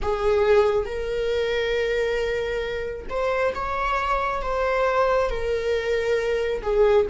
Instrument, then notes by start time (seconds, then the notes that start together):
viola
0.02 G#4
0.85 A#4
3.09 C5
3.55 C#5
4.41 C5
5.29 A#4
6.62 G#4